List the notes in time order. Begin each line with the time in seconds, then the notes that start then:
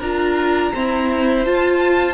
0.00 D4 F4 A#4 A#5
0.74 C4 E4 C5
1.45 F4 A5